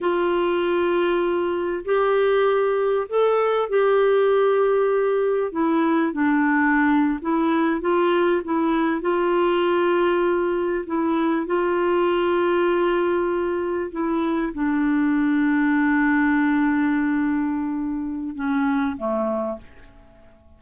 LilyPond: \new Staff \with { instrumentName = "clarinet" } { \time 4/4 \tempo 4 = 98 f'2. g'4~ | g'4 a'4 g'2~ | g'4 e'4 d'4.~ d'16 e'16~ | e'8. f'4 e'4 f'4~ f'16~ |
f'4.~ f'16 e'4 f'4~ f'16~ | f'2~ f'8. e'4 d'16~ | d'1~ | d'2 cis'4 a4 | }